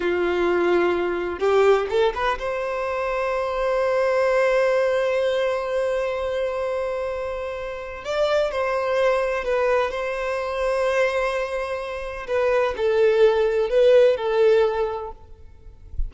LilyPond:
\new Staff \with { instrumentName = "violin" } { \time 4/4 \tempo 4 = 127 f'2. g'4 | a'8 b'8 c''2.~ | c''1~ | c''1~ |
c''4 d''4 c''2 | b'4 c''2.~ | c''2 b'4 a'4~ | a'4 b'4 a'2 | }